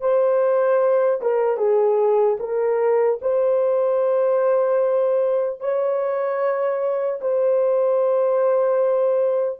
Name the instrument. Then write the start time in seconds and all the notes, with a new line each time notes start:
horn
0.00 C5
1.21 A#4
1.57 G#4
2.39 A#4
3.21 C5
5.60 C#5
7.21 C5